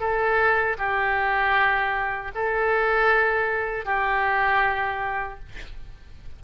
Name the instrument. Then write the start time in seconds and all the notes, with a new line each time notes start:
oboe
0.00 A4
0.78 G4
2.35 A4
3.85 G4